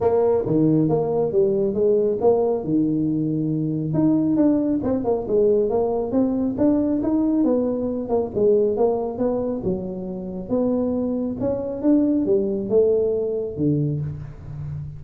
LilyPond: \new Staff \with { instrumentName = "tuba" } { \time 4/4 \tempo 4 = 137 ais4 dis4 ais4 g4 | gis4 ais4 dis2~ | dis4 dis'4 d'4 c'8 ais8 | gis4 ais4 c'4 d'4 |
dis'4 b4. ais8 gis4 | ais4 b4 fis2 | b2 cis'4 d'4 | g4 a2 d4 | }